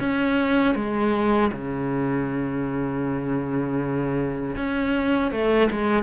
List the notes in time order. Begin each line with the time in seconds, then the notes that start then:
0.00 C#4
0.75 G#3
1.52 C#3
4.57 C#4
5.32 A3
5.71 G#3